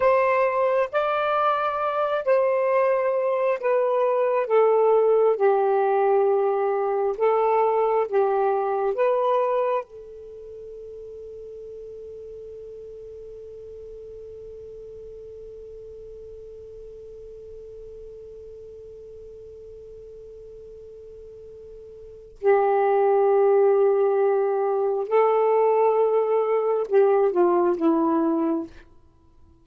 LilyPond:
\new Staff \with { instrumentName = "saxophone" } { \time 4/4 \tempo 4 = 67 c''4 d''4. c''4. | b'4 a'4 g'2 | a'4 g'4 b'4 a'4~ | a'1~ |
a'1~ | a'1~ | a'4 g'2. | a'2 g'8 f'8 e'4 | }